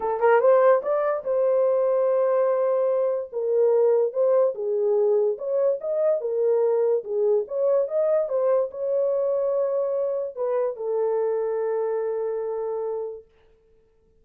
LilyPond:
\new Staff \with { instrumentName = "horn" } { \time 4/4 \tempo 4 = 145 a'8 ais'8 c''4 d''4 c''4~ | c''1 | ais'2 c''4 gis'4~ | gis'4 cis''4 dis''4 ais'4~ |
ais'4 gis'4 cis''4 dis''4 | c''4 cis''2.~ | cis''4 b'4 a'2~ | a'1 | }